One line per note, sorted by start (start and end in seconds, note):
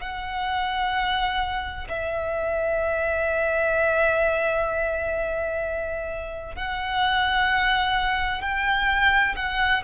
0.00 1.87 F#5
1.89 6.55 E5
6.55 8.42 F#5
8.42 9.35 G5
9.36 9.83 F#5